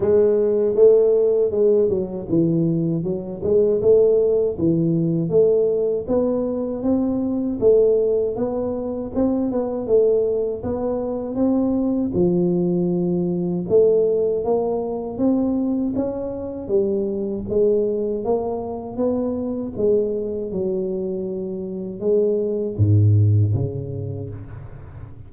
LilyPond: \new Staff \with { instrumentName = "tuba" } { \time 4/4 \tempo 4 = 79 gis4 a4 gis8 fis8 e4 | fis8 gis8 a4 e4 a4 | b4 c'4 a4 b4 | c'8 b8 a4 b4 c'4 |
f2 a4 ais4 | c'4 cis'4 g4 gis4 | ais4 b4 gis4 fis4~ | fis4 gis4 gis,4 cis4 | }